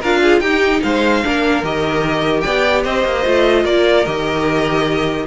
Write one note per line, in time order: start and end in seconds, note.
0.00 0.41 D4
0.00 0.44 F4
0.00 0.20 A#4
0.00 0.41 F5
0.23 0.42 G#4
0.41 0.81 D#4
0.41 1.23 D#4
0.41 0.82 G4
0.41 0.81 G5
0.83 1.24 G#3
0.83 1.25 C5
0.83 1.64 F5
1.23 1.63 A#3
1.23 1.64 D4
1.23 2.45 A#4
1.63 2.44 D#3
1.63 3.25 G4
1.63 2.41 D#5
2.41 2.85 B3
2.41 2.84 D5
2.41 2.82 G5
2.84 3.05 C4
2.84 3.64 C5
2.84 3.65 D#5
3.05 3.25 A#3
3.25 3.65 A3
3.25 4.06 F4
3.64 4.05 A#3
3.64 5.25 A#4
3.64 4.06 D5
4.06 5.27 D#3
4.06 5.27 G4
4.06 5.27 D#5